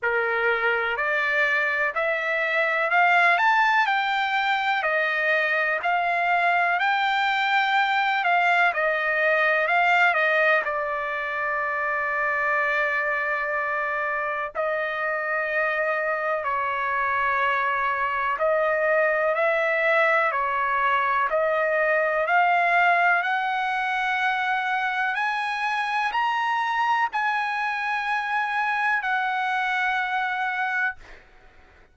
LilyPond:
\new Staff \with { instrumentName = "trumpet" } { \time 4/4 \tempo 4 = 62 ais'4 d''4 e''4 f''8 a''8 | g''4 dis''4 f''4 g''4~ | g''8 f''8 dis''4 f''8 dis''8 d''4~ | d''2. dis''4~ |
dis''4 cis''2 dis''4 | e''4 cis''4 dis''4 f''4 | fis''2 gis''4 ais''4 | gis''2 fis''2 | }